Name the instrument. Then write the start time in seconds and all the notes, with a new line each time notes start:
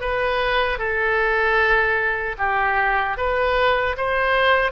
oboe
0.00 B4
0.78 A4
2.38 G4
3.17 B4
3.97 C5